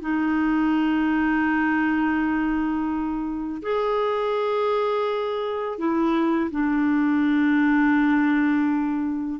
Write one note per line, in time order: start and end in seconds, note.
0.00 3.61 D#4
3.62 5.78 G#4
5.78 6.50 E4
6.51 9.40 D4